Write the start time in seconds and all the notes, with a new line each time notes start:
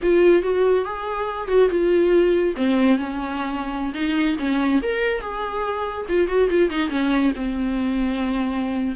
0.02 F4
0.42 F#4
0.85 G#4
1.48 F#4
1.69 F4
2.56 C4
2.97 C#4
3.94 D#4
4.38 C#4
4.82 A#4
5.20 G#4
6.09 F4
6.27 F#4
6.49 F4
6.69 D#4
6.89 C#4
7.35 C4